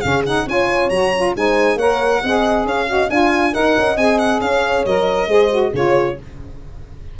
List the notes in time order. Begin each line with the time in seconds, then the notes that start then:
0.00 C#3 C#4 G#4 F5
0.25 D#4 F#5
0.45 C#4 F4 C#5 G#5
0.89 F#3 F#4 A#5
1.15 F4
1.35 G#3 D#4 C5 G#5
1.75 A#3 A#4 C#5 F#5
2.22 C4 G#4 D#5
2.64 C#4 C#5 F5
2.86 F#4 D#5
3.09 D4 F4 F5 G#5
3.52 D#4 A#4 D#5 F#5
3.78 C#4
3.96 C4 G#4 G#5
4.18 F#5
4.41 C#4 C#5 F5
4.85 F#3 A#4 D#5
5.27 G#3 G#4 C5
5.50 F#4
5.72 C#3 F4 G#4 C#5